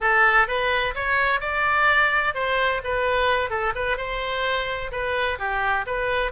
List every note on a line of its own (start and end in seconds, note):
0.00 0.47 A4
0.47 0.94 B4
0.95 1.40 C#5
1.40 2.34 D5
2.34 2.81 C5
2.84 3.49 B4
3.49 3.73 A4
3.75 3.97 B4
3.97 4.91 C5
4.91 5.38 B4
5.38 5.85 G4
5.86 6.31 B4